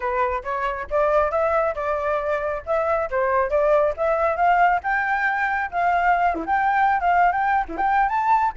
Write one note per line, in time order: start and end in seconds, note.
0.00 0.42 B4
0.43 0.87 C#5
0.90 1.31 D5
1.31 1.74 E5
1.75 2.62 D5
2.66 3.09 E5
3.10 3.50 C5
3.50 3.93 D5
3.96 4.36 E5
4.36 4.80 F5
4.83 5.70 G5
5.71 6.34 F5
6.34 6.45 E4
6.45 7.00 G5
7.00 7.32 F5
7.32 7.64 G5
7.68 7.77 E4
7.77 8.08 G5
8.08 8.52 A5